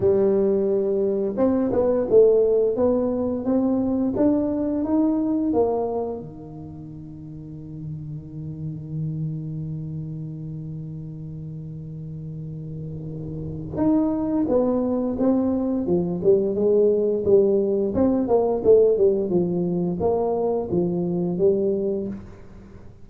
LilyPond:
\new Staff \with { instrumentName = "tuba" } { \time 4/4 \tempo 4 = 87 g2 c'8 b8 a4 | b4 c'4 d'4 dis'4 | ais4 dis2.~ | dis1~ |
dis1 | dis'4 b4 c'4 f8 g8 | gis4 g4 c'8 ais8 a8 g8 | f4 ais4 f4 g4 | }